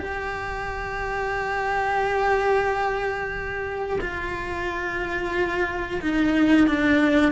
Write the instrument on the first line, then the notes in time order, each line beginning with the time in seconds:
cello
0.00 G4
4.01 F4
6.02 D#4
6.68 D4